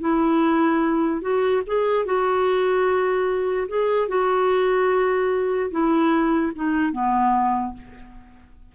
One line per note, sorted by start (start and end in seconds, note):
0.00 1.21 E4
1.21 1.62 F#4
1.66 2.05 G#4
2.05 3.67 F#4
3.68 4.08 G#4
4.08 5.70 F#4
5.71 6.52 E4
6.55 6.92 D#4
6.92 7.73 B3